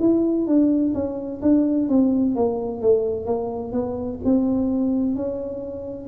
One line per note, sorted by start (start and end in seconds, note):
0.00 0.47 E4
0.47 0.94 D4
0.95 1.41 C#4
1.42 1.89 D4
1.89 2.36 C4
2.36 2.82 A#3
2.82 3.26 A3
3.26 3.72 A#3
3.72 4.19 B3
4.25 5.16 C4
5.16 6.09 C#4